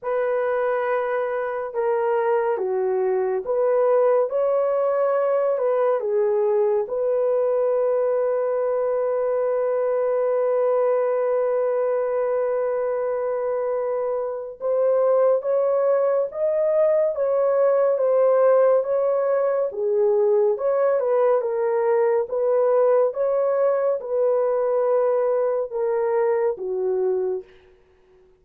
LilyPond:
\new Staff \with { instrumentName = "horn" } { \time 4/4 \tempo 4 = 70 b'2 ais'4 fis'4 | b'4 cis''4. b'8 gis'4 | b'1~ | b'1~ |
b'4 c''4 cis''4 dis''4 | cis''4 c''4 cis''4 gis'4 | cis''8 b'8 ais'4 b'4 cis''4 | b'2 ais'4 fis'4 | }